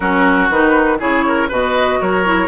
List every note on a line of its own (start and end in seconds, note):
0.00 0.49 F#3
0.00 0.51 C#4
0.00 0.97 F#4
0.00 0.49 A#4
0.49 0.99 D#3
0.49 0.98 D#4
0.49 1.00 B4
0.98 1.50 C#3
0.98 1.48 E4
0.98 1.24 G#4
0.98 1.50 C#5
1.27 1.48 A#4
1.48 2.00 B2
1.48 2.25 F#4
1.48 1.98 B4
1.48 2.01 D#5
2.00 2.47 F#3
2.00 2.47 A#4
2.00 2.47 C#5
2.25 2.47 E4